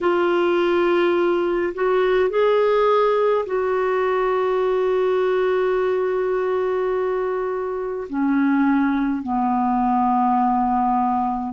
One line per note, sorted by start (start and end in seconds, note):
0.00 1.73 F4
1.74 2.29 F#4
2.29 3.45 G#4
3.46 8.07 F#4
8.09 9.22 C#4
9.22 11.53 B3